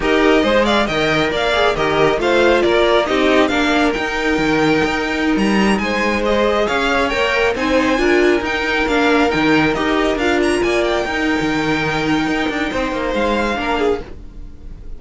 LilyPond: <<
  \new Staff \with { instrumentName = "violin" } { \time 4/4 \tempo 4 = 137 dis''4. f''8 g''4 f''4 | dis''4 f''4 d''4 dis''4 | f''4 g''2.~ | g''16 ais''4 gis''4 dis''4 f''8.~ |
f''16 g''4 gis''2 g''8.~ | g''16 f''4 g''4 dis''4 f''8 ais''16~ | ais''16 gis''8 g''2.~ g''16~ | g''2 f''2 | }
  \new Staff \with { instrumentName = "violin" } { \time 4/4 ais'4 c''8 d''8 dis''4 d''4 | ais'4 c''4 ais'4 g'4 | ais'1~ | ais'4~ ais'16 c''2 cis''8.~ |
cis''4~ cis''16 c''4 ais'4.~ ais'16~ | ais'1~ | ais'16 d''4 ais'2~ ais'8.~ | ais'4 c''2 ais'8 gis'8 | }
  \new Staff \with { instrumentName = "viola" } { \time 4/4 g'4 gis'4 ais'4. gis'8 | g'4 f'2 dis'4 | d'4 dis'2.~ | dis'2~ dis'16 gis'4.~ gis'16~ |
gis'16 ais'4 dis'4 f'4 dis'8.~ | dis'16 d'4 dis'4 g'4 f'8.~ | f'4~ f'16 dis'2~ dis'8.~ | dis'2. d'4 | }
  \new Staff \with { instrumentName = "cello" } { \time 4/4 dis'4 gis4 dis4 ais4 | dis4 a4 ais4 c'4 | ais4 dis'4 dis4 dis'4~ | dis'16 g4 gis2 cis'8.~ |
cis'16 ais4 c'4 d'4 dis'8.~ | dis'16 ais4 dis4 dis'4 d'8.~ | d'16 ais4 dis'8. dis2 | dis'8 d'8 c'8 ais8 gis4 ais4 | }
>>